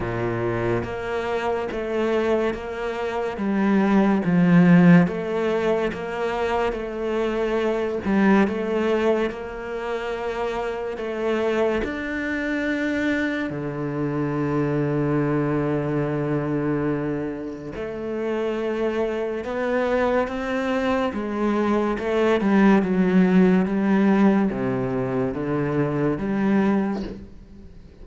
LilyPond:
\new Staff \with { instrumentName = "cello" } { \time 4/4 \tempo 4 = 71 ais,4 ais4 a4 ais4 | g4 f4 a4 ais4 | a4. g8 a4 ais4~ | ais4 a4 d'2 |
d1~ | d4 a2 b4 | c'4 gis4 a8 g8 fis4 | g4 c4 d4 g4 | }